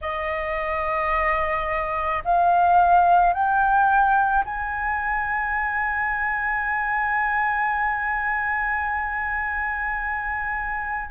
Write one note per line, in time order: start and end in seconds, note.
0.01 2.23 D#5
2.24 3.33 F5
3.33 4.44 G5
4.44 11.11 G#5